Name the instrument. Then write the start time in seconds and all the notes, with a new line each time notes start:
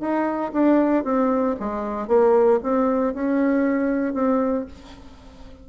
bassoon
0.00 D#4
0.53 D4
1.04 C4
1.60 G#3
2.08 A#3
2.63 C4
3.14 C#4
4.14 C4